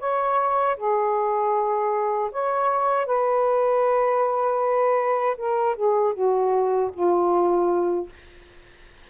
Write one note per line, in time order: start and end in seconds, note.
0.00 0.77 C#5
0.77 2.31 G#4
2.32 3.06 C#5
3.06 5.37 B4
5.37 5.76 A#4
5.76 6.14 G#4
6.14 6.91 F#4
6.94 8.09 F4